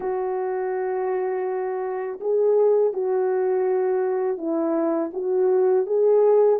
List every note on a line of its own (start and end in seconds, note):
0.00 2.19 F#4
2.20 2.93 G#4
2.93 4.37 F#4
4.37 5.11 E4
5.13 5.86 F#4
5.86 6.59 G#4